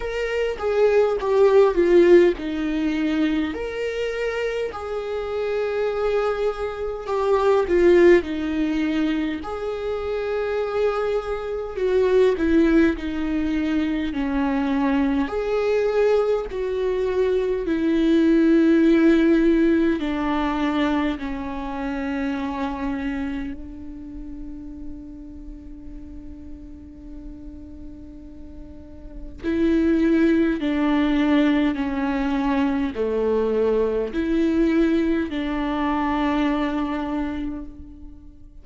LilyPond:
\new Staff \with { instrumentName = "viola" } { \time 4/4 \tempo 4 = 51 ais'8 gis'8 g'8 f'8 dis'4 ais'4 | gis'2 g'8 f'8 dis'4 | gis'2 fis'8 e'8 dis'4 | cis'4 gis'4 fis'4 e'4~ |
e'4 d'4 cis'2 | d'1~ | d'4 e'4 d'4 cis'4 | a4 e'4 d'2 | }